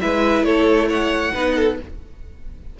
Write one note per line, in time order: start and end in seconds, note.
0.00 0.41 G#3
0.00 1.34 E4
0.00 0.45 B4
0.00 0.44 E5
0.41 1.31 A3
0.41 0.88 A4
0.41 0.88 C#5
0.88 1.33 C#5
0.88 1.79 F#5
1.33 1.79 B3
1.33 1.78 D#4
1.33 1.55 B4
1.55 1.78 A4